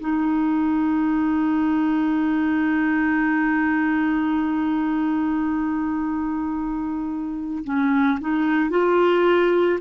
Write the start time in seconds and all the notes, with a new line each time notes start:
0.00 D#4
7.64 C#4
8.21 D#4
8.70 F4